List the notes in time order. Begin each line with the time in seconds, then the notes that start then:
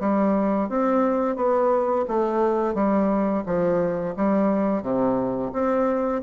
0.00 G3
0.69 C4
1.36 B3
2.08 A3
2.74 G3
3.46 F3
4.17 G3
4.82 C3
5.53 C4